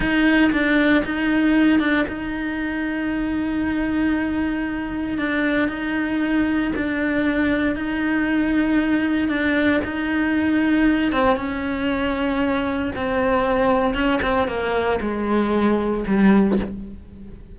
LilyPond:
\new Staff \with { instrumentName = "cello" } { \time 4/4 \tempo 4 = 116 dis'4 d'4 dis'4. d'8 | dis'1~ | dis'2 d'4 dis'4~ | dis'4 d'2 dis'4~ |
dis'2 d'4 dis'4~ | dis'4. c'8 cis'2~ | cis'4 c'2 cis'8 c'8 | ais4 gis2 g4 | }